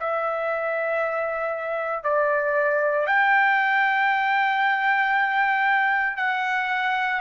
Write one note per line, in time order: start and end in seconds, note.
0.00 2.04 E5
2.04 3.07 D5
3.07 6.17 G5
6.17 7.20 F#5